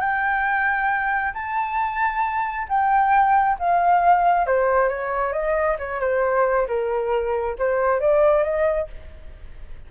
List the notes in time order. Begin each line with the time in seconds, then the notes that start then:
0.00 G5
1.34 A5
2.68 G5
3.59 F5
4.46 C5
4.89 C#5
5.32 D#5
5.78 C#5
6.00 C5
6.67 A#4
7.58 C5
8.00 D5
8.43 D#5